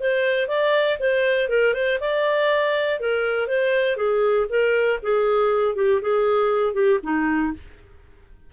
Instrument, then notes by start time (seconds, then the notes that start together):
clarinet
0.00 C5
0.48 D5
1.00 C5
1.49 A#4
1.74 C5
2.00 D5
3.00 A#4
3.47 C5
3.97 G#4
4.50 A#4
5.03 G#4
5.76 G4
6.02 G#4
6.74 G4
7.03 D#4